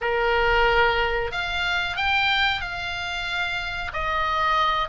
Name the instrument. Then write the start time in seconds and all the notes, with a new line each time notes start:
oboe
0.01 A#4
1.31 F5
1.96 G5
2.61 F5
3.93 D#5